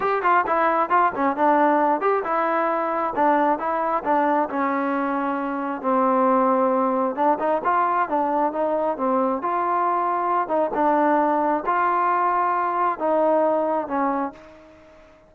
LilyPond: \new Staff \with { instrumentName = "trombone" } { \time 4/4 \tempo 4 = 134 g'8 f'8 e'4 f'8 cis'8 d'4~ | d'8 g'8 e'2 d'4 | e'4 d'4 cis'2~ | cis'4 c'2. |
d'8 dis'8 f'4 d'4 dis'4 | c'4 f'2~ f'8 dis'8 | d'2 f'2~ | f'4 dis'2 cis'4 | }